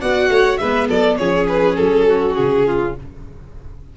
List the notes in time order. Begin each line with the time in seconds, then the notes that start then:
0.00 B3 F#4 D5 F#5
0.29 A3 C#5
0.58 G#3 B3 B4 E5
0.88 F#3 A4 D5
1.17 F3 C#4 G#4 C#5
1.48 B4
1.76 F#3 A4
2.07 F#4
2.35 C#3 G#4
2.66 F4